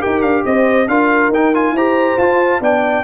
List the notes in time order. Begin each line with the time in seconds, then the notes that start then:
0.00 D#4 G4 A#4 G5
0.22 D4 F5
0.46 C4 C5 D#5
0.88 D4 F4 A#4 F5
1.29 D#4 G5
1.54 F4 G#5
1.72 E4 G4 C5 A#5
2.18 F4 A5
2.61 B3 D4 D5 G5